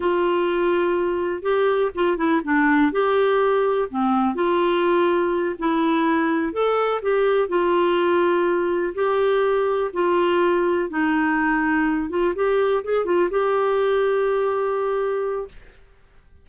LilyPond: \new Staff \with { instrumentName = "clarinet" } { \time 4/4 \tempo 4 = 124 f'2. g'4 | f'8 e'8 d'4 g'2 | c'4 f'2~ f'8 e'8~ | e'4. a'4 g'4 f'8~ |
f'2~ f'8 g'4.~ | g'8 f'2 dis'4.~ | dis'4 f'8 g'4 gis'8 f'8 g'8~ | g'1 | }